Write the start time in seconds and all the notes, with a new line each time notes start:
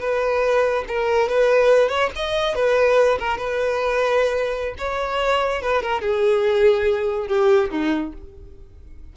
0.00 B4
0.88 A#4
1.29 B4
1.89 C#5
2.15 D#5
2.55 B4
3.19 A#4
3.37 B4
4.78 C#5
5.62 B4
5.83 A#4
6.01 G#4
7.28 G4
7.71 D#4